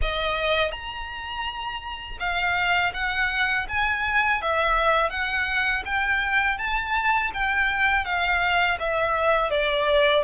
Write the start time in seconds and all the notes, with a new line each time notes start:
0.01 D#5
0.71 A#5
2.19 F5
2.93 F#5
3.68 G#5
4.41 E5
5.10 F#5
5.85 G5
6.58 A5
7.33 G5
8.04 F5
8.79 E5
9.50 D5